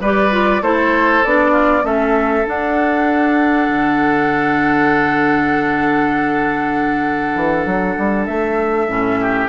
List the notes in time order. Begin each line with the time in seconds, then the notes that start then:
0.00 G3 G4 B4 D5
0.31 F4
0.61 A3 E4 A4 C5
1.23 B3 D4 D5
1.52 F4
1.82 A3 C#4 A4 E5
2.45 D4 F#5
3.67 D3
7.35 E3
7.65 F#3
7.97 G3
8.25 A3 E5
8.88 A2 C#4
9.20 G4